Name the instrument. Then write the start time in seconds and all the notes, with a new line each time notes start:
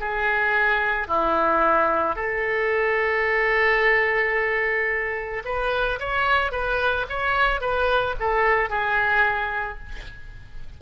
oboe
0.00 G#4
1.08 E4
2.16 A4
5.45 B4
6.00 C#5
6.52 B4
7.09 C#5
7.61 B4
8.20 A4
8.70 G#4